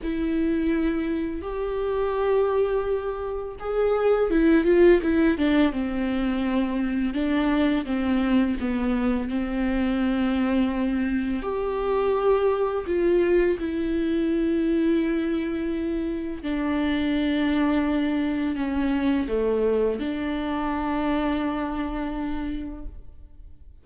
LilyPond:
\new Staff \with { instrumentName = "viola" } { \time 4/4 \tempo 4 = 84 e'2 g'2~ | g'4 gis'4 e'8 f'8 e'8 d'8 | c'2 d'4 c'4 | b4 c'2. |
g'2 f'4 e'4~ | e'2. d'4~ | d'2 cis'4 a4 | d'1 | }